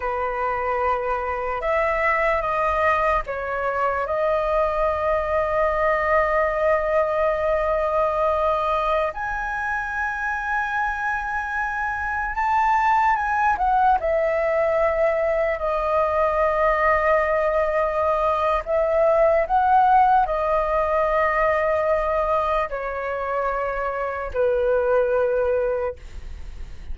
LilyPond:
\new Staff \with { instrumentName = "flute" } { \time 4/4 \tempo 4 = 74 b'2 e''4 dis''4 | cis''4 dis''2.~ | dis''2.~ dis''16 gis''8.~ | gis''2.~ gis''16 a''8.~ |
a''16 gis''8 fis''8 e''2 dis''8.~ | dis''2. e''4 | fis''4 dis''2. | cis''2 b'2 | }